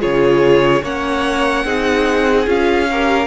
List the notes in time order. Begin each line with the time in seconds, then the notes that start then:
0.00 C#3 F4 G#4 C#5
0.82 A#3 C#4 C#5 F#5
1.65 C4 D#4 G#4
2.46 C#4 F4 F5
2.91 G4 A#4